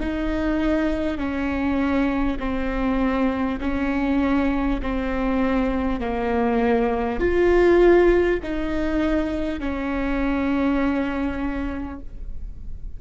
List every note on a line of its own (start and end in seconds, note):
0.00 1.17 D#4
1.17 2.37 C#4
2.39 3.59 C4
3.60 4.80 C#4
4.82 6.00 C4
6.00 7.19 A#3
7.19 8.39 F4
8.43 9.59 D#4
9.59 11.99 C#4